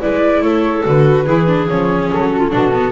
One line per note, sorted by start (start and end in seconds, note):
0.00 0.42 G#3
0.00 0.84 E4
0.00 0.42 B4
0.00 0.42 D5
0.42 0.84 A3
0.42 1.25 A4
0.42 0.84 C#5
0.84 1.27 D3
0.84 1.26 F#4
0.84 1.68 B4
1.25 1.69 E3
1.25 1.47 E4
1.25 2.30 G#4
1.47 1.68 D4
1.68 2.12 F3
1.68 2.51 C#4
1.68 2.10 C#5
2.12 2.53 F#3
2.12 2.92 A4
2.31 2.39 F#4
2.39 2.49 F4
2.51 2.92 B2
2.51 2.72 D4
2.51 2.92 F#4
2.73 2.92 B3